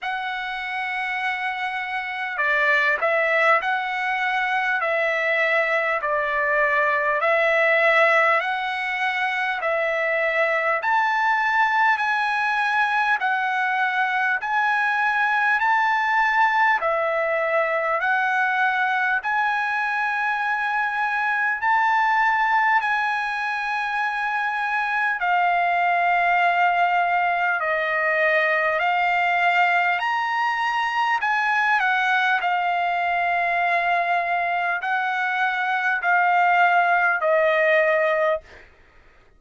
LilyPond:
\new Staff \with { instrumentName = "trumpet" } { \time 4/4 \tempo 4 = 50 fis''2 d''8 e''8 fis''4 | e''4 d''4 e''4 fis''4 | e''4 a''4 gis''4 fis''4 | gis''4 a''4 e''4 fis''4 |
gis''2 a''4 gis''4~ | gis''4 f''2 dis''4 | f''4 ais''4 gis''8 fis''8 f''4~ | f''4 fis''4 f''4 dis''4 | }